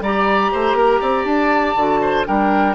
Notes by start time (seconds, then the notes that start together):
0.00 G3 G4 D5 A#5
0.52 A3 C5
0.73 A#3 A#4
1.00 C4 D5
1.24 D4 A5
1.76 D3 F#4
2.01 C5
2.25 G3 D4 A#4 G5